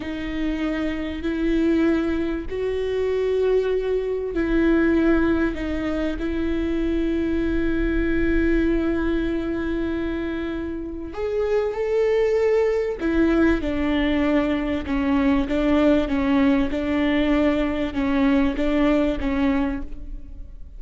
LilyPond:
\new Staff \with { instrumentName = "viola" } { \time 4/4 \tempo 4 = 97 dis'2 e'2 | fis'2. e'4~ | e'4 dis'4 e'2~ | e'1~ |
e'2 gis'4 a'4~ | a'4 e'4 d'2 | cis'4 d'4 cis'4 d'4~ | d'4 cis'4 d'4 cis'4 | }